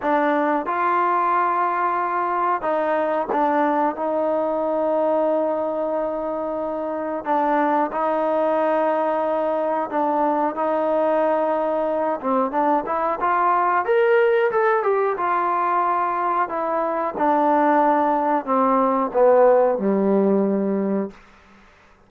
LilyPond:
\new Staff \with { instrumentName = "trombone" } { \time 4/4 \tempo 4 = 91 d'4 f'2. | dis'4 d'4 dis'2~ | dis'2. d'4 | dis'2. d'4 |
dis'2~ dis'8 c'8 d'8 e'8 | f'4 ais'4 a'8 g'8 f'4~ | f'4 e'4 d'2 | c'4 b4 g2 | }